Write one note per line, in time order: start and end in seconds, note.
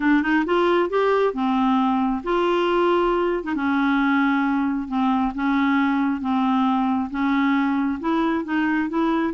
0.00 0.22 D4
0.22 0.44 D#4
0.45 0.89 F4
0.89 1.33 G4
1.33 2.22 C4
2.23 3.43 F4
3.43 3.54 D#4
3.55 4.88 C#4
4.88 5.32 C4
5.34 6.20 C#4
6.20 7.09 C4
7.10 7.99 C#4
8.00 8.44 E4
8.44 8.89 D#4
8.89 9.33 E4